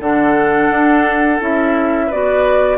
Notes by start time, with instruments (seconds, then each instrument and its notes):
0.00 bassoon D3, clarinet D4, oboe A4, flute F#5
0.70 bassoon D4
1.41 bassoon C#4, clarinet E4, flute E5
2.07 bassoon B3, clarinet F#4, oboe B4, flute D5